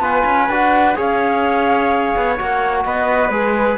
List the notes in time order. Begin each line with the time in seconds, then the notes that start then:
0.00 B3 F4 B4 G#5
0.25 C#4
0.49 D4 F#4 F#5
0.95 C#4 G#4 C#5 F5
2.16 B3
2.36 A#3 F#4 F#5
2.85 B3 B4 D#5
3.29 G#3 G#4 B4